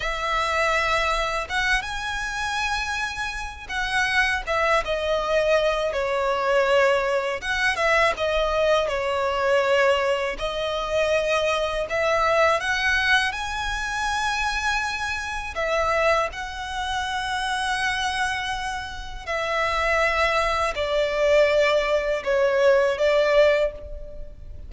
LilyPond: \new Staff \with { instrumentName = "violin" } { \time 4/4 \tempo 4 = 81 e''2 fis''8 gis''4.~ | gis''4 fis''4 e''8 dis''4. | cis''2 fis''8 e''8 dis''4 | cis''2 dis''2 |
e''4 fis''4 gis''2~ | gis''4 e''4 fis''2~ | fis''2 e''2 | d''2 cis''4 d''4 | }